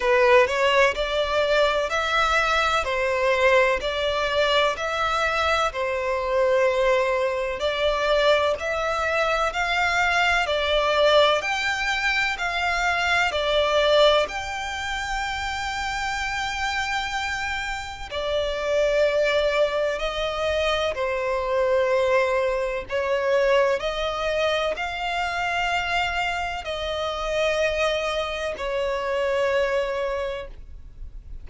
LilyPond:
\new Staff \with { instrumentName = "violin" } { \time 4/4 \tempo 4 = 63 b'8 cis''8 d''4 e''4 c''4 | d''4 e''4 c''2 | d''4 e''4 f''4 d''4 | g''4 f''4 d''4 g''4~ |
g''2. d''4~ | d''4 dis''4 c''2 | cis''4 dis''4 f''2 | dis''2 cis''2 | }